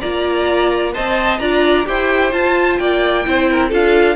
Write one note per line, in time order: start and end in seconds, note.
0.00 0.96 A#3
0.00 0.94 F4
0.00 0.92 D5
0.00 0.93 A#5
0.94 1.40 C4
0.94 1.40 C5
0.94 1.40 D#5
0.94 1.38 A5
1.38 1.86 D4
1.38 1.85 F4
1.38 1.87 D5
1.38 1.85 A#5
1.85 2.32 E4
1.85 2.32 G4
1.85 2.80 C5
1.85 2.33 G5
2.32 2.78 F4
2.32 3.24 F4
2.32 2.77 A5
2.77 3.25 A#3
2.77 3.26 D5
2.77 3.70 G5
3.24 3.72 C4
3.24 3.71 E4
3.24 3.50 C5
3.50 3.69 A#4
3.69 4.16 D4
3.69 4.16 F4
3.69 4.15 A4
3.69 4.16 F5